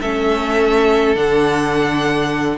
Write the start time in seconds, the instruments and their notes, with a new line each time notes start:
0.00 cello A3, viola C#4, violin A4 E5
1.15 cello D3, viola D4, violin F#5